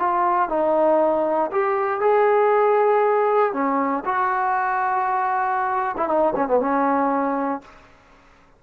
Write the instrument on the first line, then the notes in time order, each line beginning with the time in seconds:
trombone
0.00 F4
0.49 D#4
1.52 G4
2.01 G#4
3.54 C#4
4.06 F#4
5.97 E4
6.09 D#4
6.36 C#4
6.48 B3
6.60 C#4